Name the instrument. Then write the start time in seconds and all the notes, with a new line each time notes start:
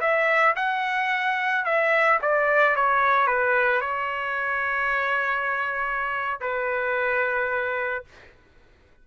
trumpet
0.00 E5
0.56 F#5
1.65 E5
2.21 D5
2.76 C#5
3.27 B4
3.81 C#5
6.40 B4